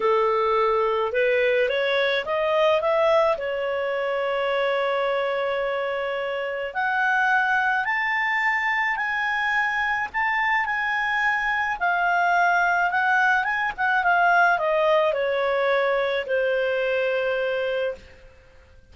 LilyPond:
\new Staff \with { instrumentName = "clarinet" } { \time 4/4 \tempo 4 = 107 a'2 b'4 cis''4 | dis''4 e''4 cis''2~ | cis''1 | fis''2 a''2 |
gis''2 a''4 gis''4~ | gis''4 f''2 fis''4 | gis''8 fis''8 f''4 dis''4 cis''4~ | cis''4 c''2. | }